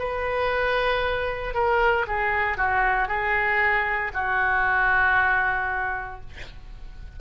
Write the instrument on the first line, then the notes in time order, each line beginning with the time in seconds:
oboe
0.00 B4
1.55 A#4
2.08 G#4
2.58 F#4
3.08 G#4
4.14 F#4